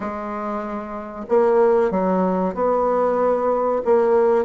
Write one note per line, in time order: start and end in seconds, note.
0.00 1.25 G#3
1.29 1.90 A#3
1.90 2.54 F#3
2.54 3.82 B3
3.85 4.44 A#3